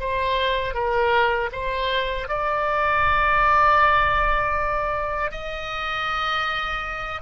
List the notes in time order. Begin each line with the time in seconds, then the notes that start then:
0.00 C5
0.74 A#4
1.53 C5
2.29 D5
5.32 D#5